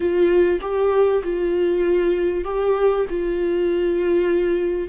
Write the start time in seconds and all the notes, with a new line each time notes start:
0.00 F4
0.61 G4
1.23 F4
2.44 G4
3.09 F4